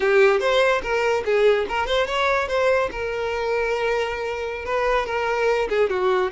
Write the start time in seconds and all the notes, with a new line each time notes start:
0.00 G4
0.40 C5
0.82 A#4
1.25 G#4
1.69 A#4
1.86 C5
2.07 C#5
2.48 C5
2.91 A#4
4.65 B4
5.06 A#4
5.69 G#4
5.89 F#4